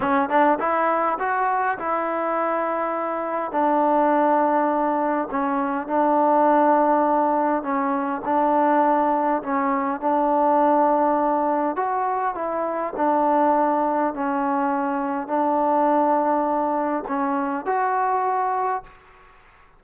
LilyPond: \new Staff \with { instrumentName = "trombone" } { \time 4/4 \tempo 4 = 102 cis'8 d'8 e'4 fis'4 e'4~ | e'2 d'2~ | d'4 cis'4 d'2~ | d'4 cis'4 d'2 |
cis'4 d'2. | fis'4 e'4 d'2 | cis'2 d'2~ | d'4 cis'4 fis'2 | }